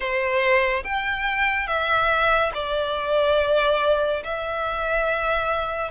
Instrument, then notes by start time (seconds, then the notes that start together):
violin
0.00 C5
0.83 G5
1.67 E5
2.54 D5
4.24 E5